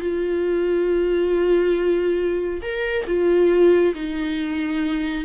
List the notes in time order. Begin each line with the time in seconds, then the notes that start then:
0.00 F4
2.62 A#4
3.07 F4
3.95 D#4